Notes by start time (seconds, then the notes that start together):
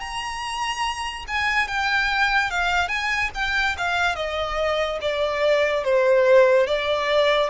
0.00 A#5
1.28 G#5
1.68 G5
2.50 F5
2.89 G#5
3.34 G5
3.78 F5
4.16 D#5
5.01 D5
5.84 C5
6.67 D5